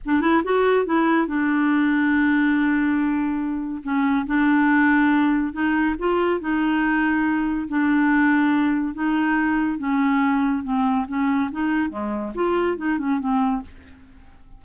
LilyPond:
\new Staff \with { instrumentName = "clarinet" } { \time 4/4 \tempo 4 = 141 d'8 e'8 fis'4 e'4 d'4~ | d'1~ | d'4 cis'4 d'2~ | d'4 dis'4 f'4 dis'4~ |
dis'2 d'2~ | d'4 dis'2 cis'4~ | cis'4 c'4 cis'4 dis'4 | gis4 f'4 dis'8 cis'8 c'4 | }